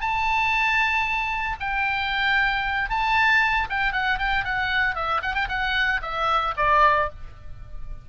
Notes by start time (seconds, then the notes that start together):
0.00 A5
1.60 G5
2.90 A5
3.69 G5
3.92 F#5
4.18 G5
4.44 F#5
4.95 E5
5.22 F#5
5.35 G5
5.48 F#5
6.02 E5
6.57 D5